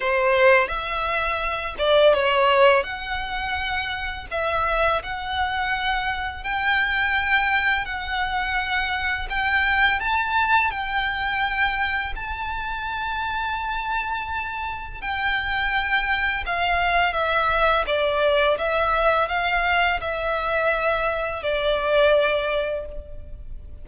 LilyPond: \new Staff \with { instrumentName = "violin" } { \time 4/4 \tempo 4 = 84 c''4 e''4. d''8 cis''4 | fis''2 e''4 fis''4~ | fis''4 g''2 fis''4~ | fis''4 g''4 a''4 g''4~ |
g''4 a''2.~ | a''4 g''2 f''4 | e''4 d''4 e''4 f''4 | e''2 d''2 | }